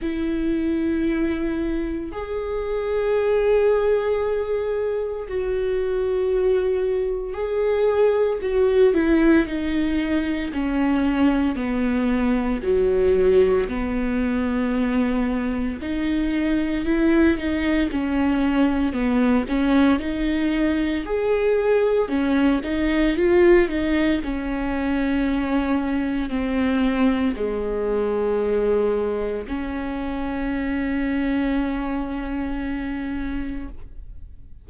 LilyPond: \new Staff \with { instrumentName = "viola" } { \time 4/4 \tempo 4 = 57 e'2 gis'2~ | gis'4 fis'2 gis'4 | fis'8 e'8 dis'4 cis'4 b4 | fis4 b2 dis'4 |
e'8 dis'8 cis'4 b8 cis'8 dis'4 | gis'4 cis'8 dis'8 f'8 dis'8 cis'4~ | cis'4 c'4 gis2 | cis'1 | }